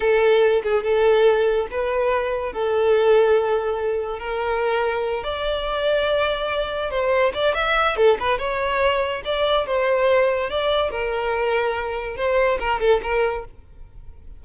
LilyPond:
\new Staff \with { instrumentName = "violin" } { \time 4/4 \tempo 4 = 143 a'4. gis'8 a'2 | b'2 a'2~ | a'2 ais'2~ | ais'8 d''2.~ d''8~ |
d''8 c''4 d''8 e''4 a'8 b'8 | cis''2 d''4 c''4~ | c''4 d''4 ais'2~ | ais'4 c''4 ais'8 a'8 ais'4 | }